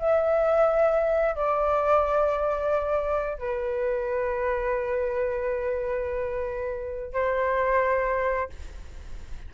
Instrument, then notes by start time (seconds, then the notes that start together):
flute
0.00 E5
1.36 D5
3.39 B4
7.13 C5